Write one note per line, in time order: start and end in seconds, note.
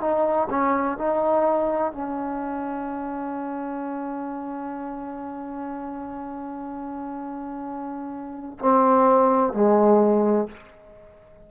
0.00 0.48 D#4
0.50 0.97 C#4
0.97 1.92 D#4
1.92 8.59 C#4
8.59 9.53 C4
9.53 10.48 G#3